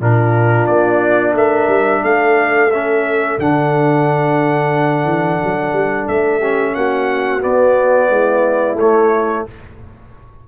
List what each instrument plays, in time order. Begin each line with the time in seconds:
0.00 tuba A#2, trombone D4, horn F4, trumpet A#4
0.66 tuba A#3, trumpet D5
1.33 tuba A3, horn A#4, trumpet E5
1.68 tuba G3
2.02 tuba A3, horn A4, trumpet F5
2.71 trombone C#4, trumpet E5
3.38 tuba D3, trombone D4, trumpet F#5
5.04 tuba E3
5.43 tuba F#3
5.72 tuba G3
6.08 tuba A3, trumpet E5
6.38 trombone C#4, horn G4
6.74 tuba A#3, horn F#4, trumpet F#5
7.40 trombone B3, tuba B3, trumpet D5
8.10 tuba G#3, horn E4
8.74 tuba A3, trumpet C#5
8.80 trombone A3